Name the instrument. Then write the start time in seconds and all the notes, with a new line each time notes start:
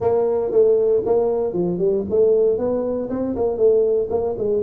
tuba
0.00 A#3
0.51 A3
1.05 A#3
1.53 F3
1.78 G3
2.10 A3
2.58 B3
3.09 C4
3.35 A#3
3.57 A3
4.09 A#3
4.38 G#3